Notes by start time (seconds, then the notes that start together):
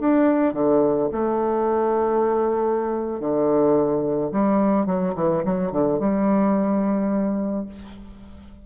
0.00 D4
0.54 D3
1.12 A3
3.21 D3
4.32 G3
4.87 F#3
5.16 E3
5.45 F#3
5.72 D3
6.00 G3